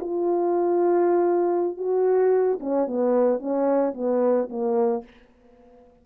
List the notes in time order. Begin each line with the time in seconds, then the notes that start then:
0.00 F4
1.77 F#4
2.60 C#4
2.87 B3
3.39 C#4
3.94 B3
4.49 A#3